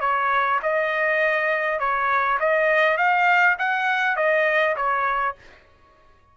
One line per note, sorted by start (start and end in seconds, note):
0.00 0.59 C#5
0.63 1.79 D#5
1.79 2.39 C#5
2.40 2.97 D#5
2.97 3.56 F5
3.58 4.16 F#5
4.16 4.76 D#5
4.76 5.35 C#5